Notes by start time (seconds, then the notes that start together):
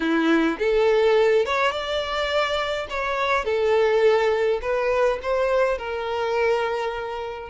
0.00 E4
0.58 A4
1.45 C#5
1.72 D5
2.89 C#5
3.44 A4
4.61 B4
5.22 C5
5.78 A#4